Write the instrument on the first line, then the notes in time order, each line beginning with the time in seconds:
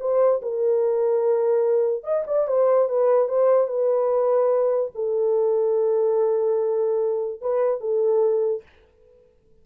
horn
0.00 C5
0.42 A#4
2.03 D#5
2.27 D5
2.48 C5
2.89 B4
3.28 C5
3.68 B4
4.95 A4
7.41 B4
7.80 A4